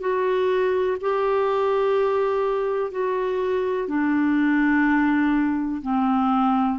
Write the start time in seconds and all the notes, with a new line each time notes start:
0.00 F#4
1.01 G4
2.91 F#4
3.88 D4
5.82 C4